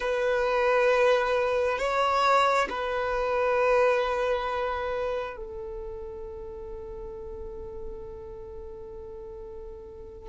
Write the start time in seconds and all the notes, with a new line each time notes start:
0.00 B4
1.78 C#5
2.69 B4
5.36 A4